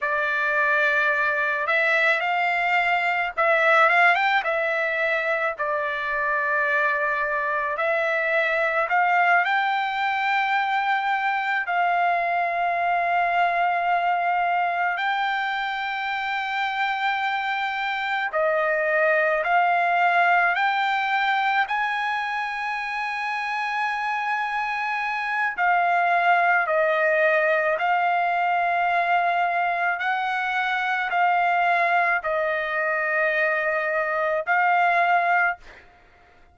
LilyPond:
\new Staff \with { instrumentName = "trumpet" } { \time 4/4 \tempo 4 = 54 d''4. e''8 f''4 e''8 f''16 g''16 | e''4 d''2 e''4 | f''8 g''2 f''4.~ | f''4. g''2~ g''8~ |
g''8 dis''4 f''4 g''4 gis''8~ | gis''2. f''4 | dis''4 f''2 fis''4 | f''4 dis''2 f''4 | }